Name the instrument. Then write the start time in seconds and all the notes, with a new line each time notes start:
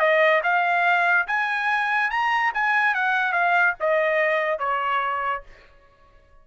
trumpet
0.00 D#5
0.43 F5
1.28 G#5
2.11 A#5
2.54 G#5
2.95 F#5
3.33 F5
3.80 D#5
4.59 C#5